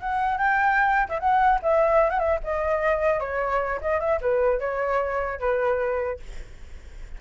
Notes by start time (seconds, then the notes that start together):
0.00 F#5
0.38 G5
1.09 E5
1.20 F#5
1.62 E5
2.10 F#5
2.19 E5
2.43 D#5
3.20 C#5
3.81 D#5
4.00 E5
4.21 B4
4.60 C#5
5.40 B4